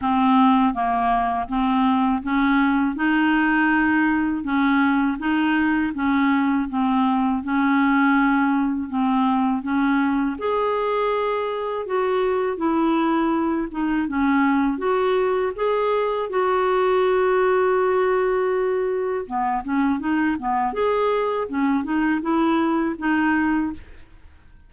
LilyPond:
\new Staff \with { instrumentName = "clarinet" } { \time 4/4 \tempo 4 = 81 c'4 ais4 c'4 cis'4 | dis'2 cis'4 dis'4 | cis'4 c'4 cis'2 | c'4 cis'4 gis'2 |
fis'4 e'4. dis'8 cis'4 | fis'4 gis'4 fis'2~ | fis'2 b8 cis'8 dis'8 b8 | gis'4 cis'8 dis'8 e'4 dis'4 | }